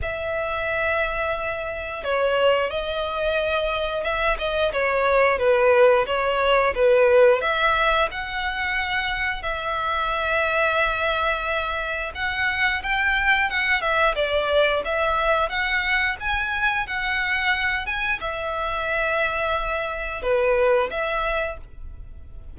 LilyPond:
\new Staff \with { instrumentName = "violin" } { \time 4/4 \tempo 4 = 89 e''2. cis''4 | dis''2 e''8 dis''8 cis''4 | b'4 cis''4 b'4 e''4 | fis''2 e''2~ |
e''2 fis''4 g''4 | fis''8 e''8 d''4 e''4 fis''4 | gis''4 fis''4. gis''8 e''4~ | e''2 b'4 e''4 | }